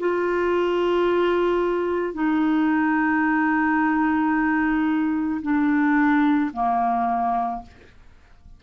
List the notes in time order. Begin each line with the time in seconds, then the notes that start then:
0.00 F4
2.14 D#4
5.42 D4
6.54 A#3